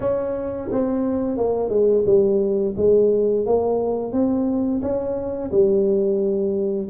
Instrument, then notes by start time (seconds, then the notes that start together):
tuba
0.00 C#4
0.71 C4
1.37 A#3
1.69 G#3
2.06 G3
2.76 G#3
3.45 A#3
4.12 C4
4.82 C#4
5.51 G3